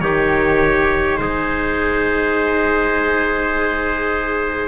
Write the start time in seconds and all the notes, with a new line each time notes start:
0.00 D#3 D#4 G4 C#5
1.17 G#3 G#4 C5